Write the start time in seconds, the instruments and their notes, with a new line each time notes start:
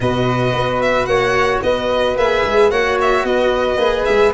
0.00 tuba B2, cello F#4, flute B4, violin D#5
0.52 tuba B3
0.82 violin E5
1.05 tuba A#3, flute C#5, violin F#5
1.62 tuba B3, flute B4, violin D#5
2.16 tuba A#3, cello G#4, violin E5
2.44 tuba G#3
2.70 tuba A#3, cello F#4, flute C#5, violin F#5
3.01 violin E5
3.24 tuba B3, flute B4, violin D#5
3.76 tuba A#3, cello G#4
4.05 tuba G#3, violin E5